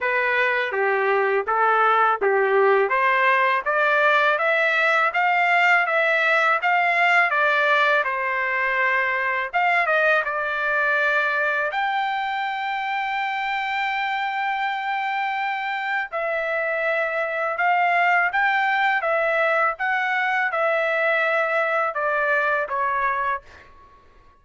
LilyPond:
\new Staff \with { instrumentName = "trumpet" } { \time 4/4 \tempo 4 = 82 b'4 g'4 a'4 g'4 | c''4 d''4 e''4 f''4 | e''4 f''4 d''4 c''4~ | c''4 f''8 dis''8 d''2 |
g''1~ | g''2 e''2 | f''4 g''4 e''4 fis''4 | e''2 d''4 cis''4 | }